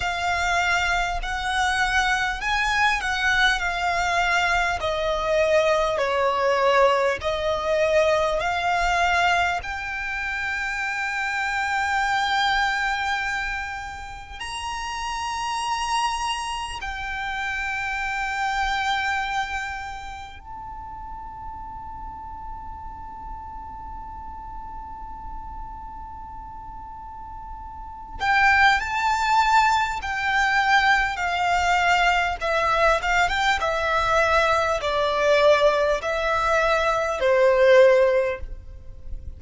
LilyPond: \new Staff \with { instrumentName = "violin" } { \time 4/4 \tempo 4 = 50 f''4 fis''4 gis''8 fis''8 f''4 | dis''4 cis''4 dis''4 f''4 | g''1 | ais''2 g''2~ |
g''4 a''2.~ | a''2.~ a''8 g''8 | a''4 g''4 f''4 e''8 f''16 g''16 | e''4 d''4 e''4 c''4 | }